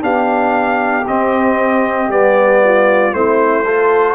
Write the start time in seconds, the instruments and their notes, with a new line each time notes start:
0.00 tuba B3, trombone D4, horn G4, trumpet F5
1.07 trombone C4, tuba C4, trumpet D#5
2.08 tuba G3, trombone B3, trumpet D5
2.64 horn F4
3.12 tuba A3, trombone C4, horn E4, trumpet C5
3.64 trombone F4, horn A4